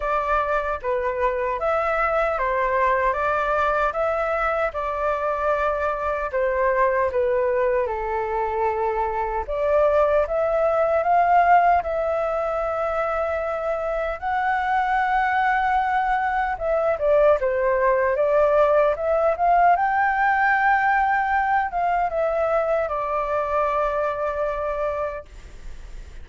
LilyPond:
\new Staff \with { instrumentName = "flute" } { \time 4/4 \tempo 4 = 76 d''4 b'4 e''4 c''4 | d''4 e''4 d''2 | c''4 b'4 a'2 | d''4 e''4 f''4 e''4~ |
e''2 fis''2~ | fis''4 e''8 d''8 c''4 d''4 | e''8 f''8 g''2~ g''8 f''8 | e''4 d''2. | }